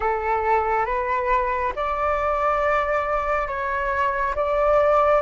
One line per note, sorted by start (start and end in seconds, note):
0.00 0.85 A4
0.85 1.72 B4
1.75 3.47 D5
3.47 4.34 C#5
4.35 5.21 D5